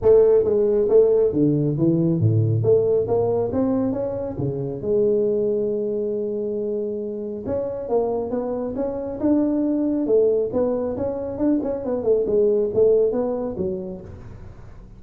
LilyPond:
\new Staff \with { instrumentName = "tuba" } { \time 4/4 \tempo 4 = 137 a4 gis4 a4 d4 | e4 a,4 a4 ais4 | c'4 cis'4 cis4 gis4~ | gis1~ |
gis4 cis'4 ais4 b4 | cis'4 d'2 a4 | b4 cis'4 d'8 cis'8 b8 a8 | gis4 a4 b4 fis4 | }